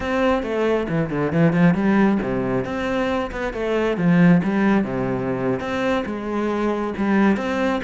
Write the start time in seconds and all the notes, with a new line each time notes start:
0.00 C4
0.43 A3
0.88 E3
1.10 D3
1.32 E3
1.52 F3
1.74 G3
2.22 C3
2.64 C4
3.31 B3
3.53 A3
3.97 F3
4.43 G3
4.84 C3
5.59 C4
6.05 G#3
6.97 G3
7.36 C4